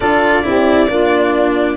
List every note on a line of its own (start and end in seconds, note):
0.00 0.44 D4
0.00 0.43 F4
0.00 0.44 A4
0.00 1.76 D5
0.43 0.89 C4
0.43 0.87 E4
0.43 0.89 G4
0.89 1.76 A#3
0.89 1.76 D4
0.89 1.76 F4